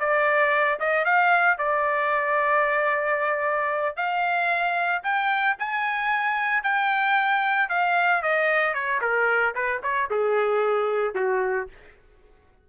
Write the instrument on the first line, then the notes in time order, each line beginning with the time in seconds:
trumpet
0.00 D5
0.80 D#5
1.05 F5
1.58 D5
3.97 F5
5.03 G5
5.59 G#5
6.64 G5
7.70 F5
8.23 D#5
8.74 C#5
9.02 A#4
9.55 B4
9.84 C#5
10.11 G#4
11.15 F#4